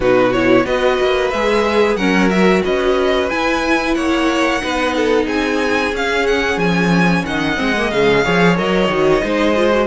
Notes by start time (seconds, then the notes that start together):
0.00 B2 D#4 F#4 B4
0.33 E4 C#5
0.65 B3 F#4 B4 D#5
1.00 A#3
1.30 G#3 G#4 E5
1.96 F#3 C#4 A#4 F#5
2.29 F#4 E5
2.64 C#4 B4 D#5
3.29 E4 G#5
3.94 A#3 C#5 F#5
4.60 B3 D#4 B4
4.96 A4
5.26 C4 G#4 G#5
5.93 C#4 F5
6.27 F#5
6.56 F3 G#5
7.25 D#3 D#5 F#5
7.56 G#3 C4
7.77 A#3
7.91 C#3 G#3 F5
8.24 F3 G#4 C#5
8.57 F#3 A#4 D#5
8.88 D#3 F#4
9.22 G#3 D#4 C5
9.55 F4
9.72 F#4